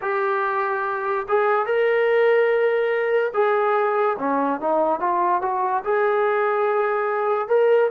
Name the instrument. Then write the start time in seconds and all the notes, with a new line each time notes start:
trombone
0.01 G4
1.28 G#4
1.66 A#4
3.33 G#4
4.18 C#4
4.60 D#4
5.00 F4
5.41 F#4
5.83 G#4
7.48 A#4